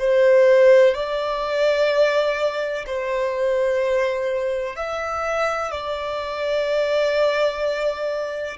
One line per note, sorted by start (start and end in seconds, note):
0.00 0.95 C5
0.95 2.86 D5
2.87 4.77 C5
4.77 5.72 E5
5.72 8.58 D5